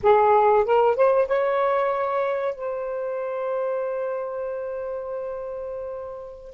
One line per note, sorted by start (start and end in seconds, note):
0.03 0.64 G#4
0.64 0.95 A#4
0.95 1.27 C5
1.27 2.55 C#5
2.55 6.54 C5